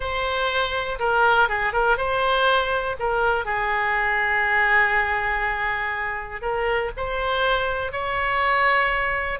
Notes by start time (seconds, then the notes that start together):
0.00 C5
0.99 A#4
1.48 G#4
1.72 A#4
1.97 C5
2.99 A#4
3.45 G#4
6.41 A#4
6.96 C5
7.92 C#5